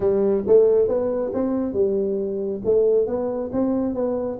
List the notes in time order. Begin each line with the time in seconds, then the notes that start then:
0.00 G3
0.47 A3
0.88 B3
1.33 C4
1.73 G3
2.64 A3
3.06 B3
3.52 C4
3.94 B3